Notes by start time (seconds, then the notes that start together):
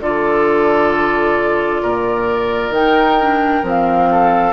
0.00 D3 F4 A4 D5
1.82 A#2 A#4
2.71 D#3 D#4 G5
3.21 D4
3.63 F3 C4 F5
4.11 A4